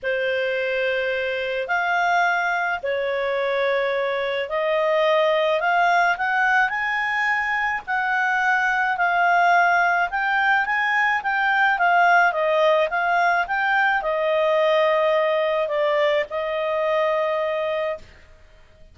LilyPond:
\new Staff \with { instrumentName = "clarinet" } { \time 4/4 \tempo 4 = 107 c''2. f''4~ | f''4 cis''2. | dis''2 f''4 fis''4 | gis''2 fis''2 |
f''2 g''4 gis''4 | g''4 f''4 dis''4 f''4 | g''4 dis''2. | d''4 dis''2. | }